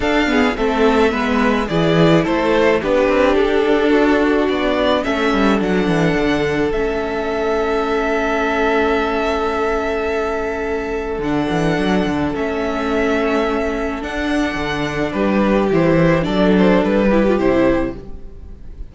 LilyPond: <<
  \new Staff \with { instrumentName = "violin" } { \time 4/4 \tempo 4 = 107 f''4 e''2 d''4 | c''4 b'4 a'2 | d''4 e''4 fis''2 | e''1~ |
e''1 | fis''2 e''2~ | e''4 fis''2 b'4 | c''4 d''8 c''8 b'4 c''4 | }
  \new Staff \with { instrumentName = "violin" } { \time 4/4 a'8 gis'8 a'4 b'4 gis'4 | a'4 g'2 fis'4~ | fis'4 a'2.~ | a'1~ |
a'1~ | a'1~ | a'2. g'4~ | g'4 a'4. g'4. | }
  \new Staff \with { instrumentName = "viola" } { \time 4/4 d'8 b8 c'4 b4 e'4~ | e'4 d'2.~ | d'4 cis'4 d'2 | cis'1~ |
cis'1 | d'2 cis'2~ | cis'4 d'2. | e'4 d'4. e'16 f'16 e'4 | }
  \new Staff \with { instrumentName = "cello" } { \time 4/4 d'4 a4 gis4 e4 | a4 b8 c'8 d'2 | b4 a8 g8 fis8 e8 d4 | a1~ |
a1 | d8 e8 fis8 d8 a2~ | a4 d'4 d4 g4 | e4 fis4 g4 c4 | }
>>